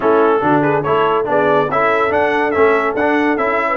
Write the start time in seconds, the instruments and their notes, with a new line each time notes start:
0.00 tuba A3, trombone C#4, horn E4, trumpet A4
0.41 tuba D3, trombone D4, horn F#4
0.61 horn G#4, trumpet B4
0.82 tuba A3, trombone E4, horn A4, trumpet C#5
1.24 tuba B3, trombone D4, horn G#4, trumpet D5
1.69 tuba C#4, trombone E4, horn A4, trumpet E5
2.09 trombone D4, tuba D4, trumpet F#5
2.51 tuba A3, trombone C#4, trumpet E5
2.94 tuba D4, trombone D4, trumpet F#5
3.37 tuba C#4, trombone E4, trumpet E5
3.68 horn B4